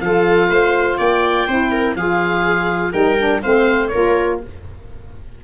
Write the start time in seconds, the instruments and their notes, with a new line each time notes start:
0.00 tuba F3, saxophone F4, viola A4, oboe F5
0.49 tuba A3, viola C5
0.97 tuba A#3, viola D5, oboe G5
1.47 tuba C4, saxophone E4, viola C5
1.71 viola A#4
1.95 tuba F3, saxophone F4, viola G#4, oboe F5
2.92 tuba G3, saxophone D#4, viola A#4, oboe G5
3.18 saxophone D4
3.42 tuba A3, saxophone C4, viola C5, oboe F5
3.87 saxophone F4, viola A#4, oboe C#5
3.95 tuba A#3